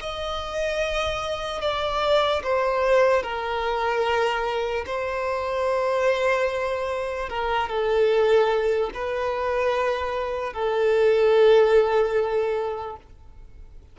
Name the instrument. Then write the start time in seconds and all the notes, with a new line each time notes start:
violin
0.00 D#5
1.61 D5
2.43 C5
3.22 A#4
4.86 C5
7.29 A#4
7.68 A4
8.94 B4
10.53 A4